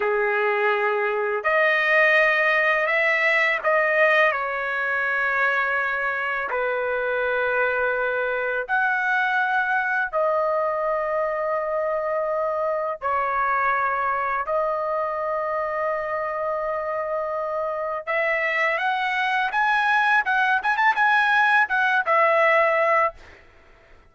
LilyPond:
\new Staff \with { instrumentName = "trumpet" } { \time 4/4 \tempo 4 = 83 gis'2 dis''2 | e''4 dis''4 cis''2~ | cis''4 b'2. | fis''2 dis''2~ |
dis''2 cis''2 | dis''1~ | dis''4 e''4 fis''4 gis''4 | fis''8 gis''16 a''16 gis''4 fis''8 e''4. | }